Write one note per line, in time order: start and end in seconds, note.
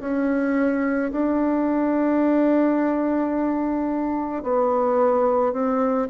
0.00 1.11 C#4
1.12 4.43 D4
4.43 5.53 B3
5.53 6.08 C4